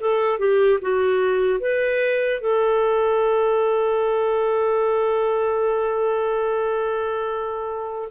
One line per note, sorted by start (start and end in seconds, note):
0.00 0.38 A4
0.38 0.79 G4
0.81 1.59 F#4
1.59 2.40 B4
2.40 8.08 A4